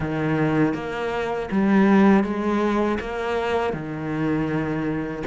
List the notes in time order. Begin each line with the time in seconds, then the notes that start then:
0.00 D#3
0.74 A#3
1.51 G3
2.23 G#3
3.00 A#3
3.73 D#3